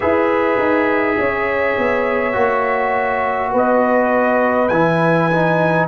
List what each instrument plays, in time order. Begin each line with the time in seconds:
0.00 tuba E4, trombone G#4, horn B4, trumpet E5
0.58 tuba D#4
1.18 tuba C#4, horn C#5
1.77 tuba B3
2.32 tuba A#3, trombone F#4
3.51 tuba B3, horn B4, trumpet D#5
4.68 tuba E3, trombone E4, trumpet G#5
5.31 trombone D#4